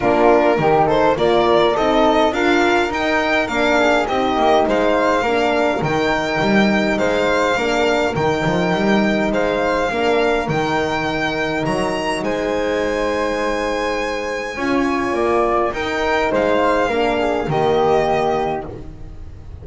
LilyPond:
<<
  \new Staff \with { instrumentName = "violin" } { \time 4/4 \tempo 4 = 103 ais'4. c''8 d''4 dis''4 | f''4 g''4 f''4 dis''4 | f''2 g''2 | f''2 g''2 |
f''2 g''2 | ais''4 gis''2.~ | gis''2. g''4 | f''2 dis''2 | }
  \new Staff \with { instrumentName = "flute" } { \time 4/4 f'4 g'8 a'8 ais'4 a'4 | ais'2~ ais'8 gis'8 g'4 | c''4 ais'2. | c''4 ais'2. |
c''4 ais'2.~ | ais'4 c''2.~ | c''4 cis''4 d''4 ais'4 | c''4 ais'8 gis'8 g'2 | }
  \new Staff \with { instrumentName = "horn" } { \time 4/4 d'4 dis'4 f'4 dis'4 | f'4 dis'4 d'4 dis'4~ | dis'4 d'4 dis'2~ | dis'4 d'4 dis'2~ |
dis'4 d'4 dis'2~ | dis'1~ | dis'4 f'2 dis'4~ | dis'4 d'4 ais2 | }
  \new Staff \with { instrumentName = "double bass" } { \time 4/4 ais4 dis4 ais4 c'4 | d'4 dis'4 ais4 c'8 ais8 | gis4 ais4 dis4 g4 | gis4 ais4 dis8 f8 g4 |
gis4 ais4 dis2 | fis4 gis2.~ | gis4 cis'4 ais4 dis'4 | gis4 ais4 dis2 | }
>>